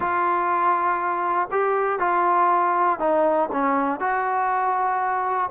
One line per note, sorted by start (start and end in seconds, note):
0.00 1.48 F4
1.51 1.99 G4
1.99 2.99 F4
2.99 3.49 D#4
3.52 4.00 C#4
4.00 5.50 F#4